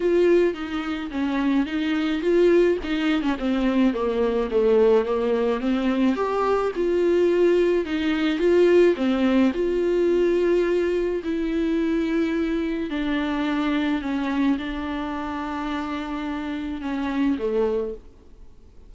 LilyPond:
\new Staff \with { instrumentName = "viola" } { \time 4/4 \tempo 4 = 107 f'4 dis'4 cis'4 dis'4 | f'4 dis'8. cis'16 c'4 ais4 | a4 ais4 c'4 g'4 | f'2 dis'4 f'4 |
c'4 f'2. | e'2. d'4~ | d'4 cis'4 d'2~ | d'2 cis'4 a4 | }